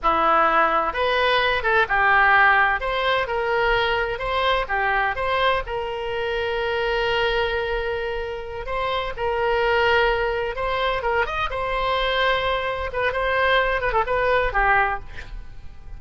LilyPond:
\new Staff \with { instrumentName = "oboe" } { \time 4/4 \tempo 4 = 128 e'2 b'4. a'8 | g'2 c''4 ais'4~ | ais'4 c''4 g'4 c''4 | ais'1~ |
ais'2~ ais'8 c''4 ais'8~ | ais'2~ ais'8 c''4 ais'8 | dis''8 c''2. b'8 | c''4. b'16 a'16 b'4 g'4 | }